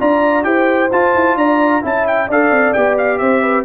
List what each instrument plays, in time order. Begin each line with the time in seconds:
0.00 tuba D4, trombone F4, horn D5, trumpet A#5
0.43 tuba E4, trombone G4, horn C5, trumpet G5
0.92 tuba F4, trombone F4, trumpet A5
1.15 tuba E4
1.36 tuba D4, horn D5, trumpet A#5
1.82 tuba C#4, trombone E4, horn E5, trumpet A5
2.07 trumpet G5
2.28 tuba D4, trombone A4, horn D5, trumpet F5
2.51 tuba C4
2.73 tuba B3, trombone G4, trumpet G5
2.98 trumpet F5
3.18 tuba C4, horn C5, trumpet E5
3.42 horn B4